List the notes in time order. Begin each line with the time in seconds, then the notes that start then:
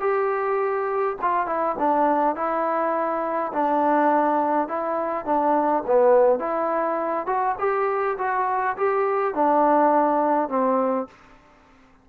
0.00 G4
1.22 F4
1.47 E4
1.79 D4
2.36 E4
3.53 D4
4.68 E4
5.25 D4
5.86 B3
6.39 E4
7.27 F#4
7.59 G4
8.18 F#4
8.77 G4
9.35 D4
10.49 C4